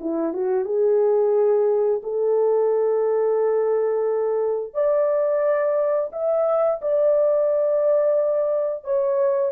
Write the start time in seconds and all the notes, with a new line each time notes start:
0.00 E4
0.33 F#4
0.65 G#4
2.03 A4
4.74 D5
6.12 E5
6.81 D5
8.84 C#5